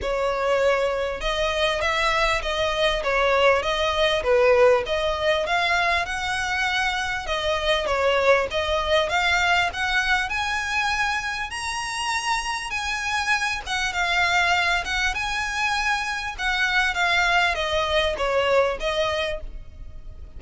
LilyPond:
\new Staff \with { instrumentName = "violin" } { \time 4/4 \tempo 4 = 99 cis''2 dis''4 e''4 | dis''4 cis''4 dis''4 b'4 | dis''4 f''4 fis''2 | dis''4 cis''4 dis''4 f''4 |
fis''4 gis''2 ais''4~ | ais''4 gis''4. fis''8 f''4~ | f''8 fis''8 gis''2 fis''4 | f''4 dis''4 cis''4 dis''4 | }